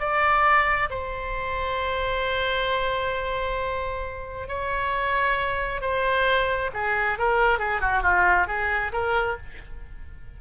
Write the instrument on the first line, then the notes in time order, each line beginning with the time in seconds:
oboe
0.00 D5
0.91 C5
4.48 C#5
5.81 C5
6.74 G#4
7.19 A#4
7.59 G#4
7.81 F#4
8.03 F4
8.47 G#4
8.93 A#4